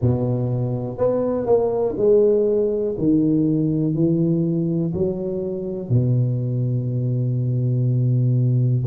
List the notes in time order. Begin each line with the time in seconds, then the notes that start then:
0.00 B2
0.97 B3
1.45 A#3
1.97 G#3
2.98 D#3
3.94 E3
4.93 F#3
5.89 B2